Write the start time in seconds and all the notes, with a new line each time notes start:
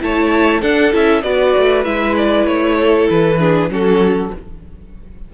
0.00 A3 E4 C#5 A5
0.61 D4 A4 F#5
0.91 C#4 E4 E5
1.22 B3 F#4 B4 D5
1.57 A3
1.84 G#3 E4 E5
2.16 D5
2.46 A3 C#5
2.80 A4
3.09 E3 B4
3.39 D4 G#4
3.69 F#3 C#4 F#4 A4